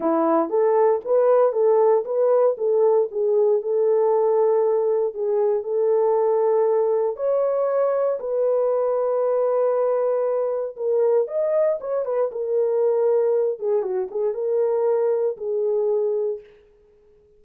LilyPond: \new Staff \with { instrumentName = "horn" } { \time 4/4 \tempo 4 = 117 e'4 a'4 b'4 a'4 | b'4 a'4 gis'4 a'4~ | a'2 gis'4 a'4~ | a'2 cis''2 |
b'1~ | b'4 ais'4 dis''4 cis''8 b'8 | ais'2~ ais'8 gis'8 fis'8 gis'8 | ais'2 gis'2 | }